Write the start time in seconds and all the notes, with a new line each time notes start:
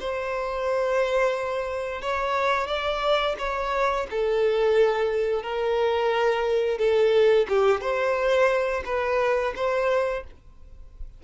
0.00 C5
2.02 C#5
2.68 D5
3.39 C#5
4.11 A4
5.43 A#4
6.79 A4
7.49 G4
7.81 C5
8.86 B4
9.56 C5